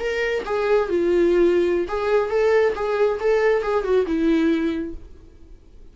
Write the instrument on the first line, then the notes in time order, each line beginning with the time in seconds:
viola
0.00 A#4
0.46 G#4
0.89 F4
1.89 G#4
2.30 A4
2.76 G#4
3.20 A4
3.63 G#4
3.84 F#4
4.07 E4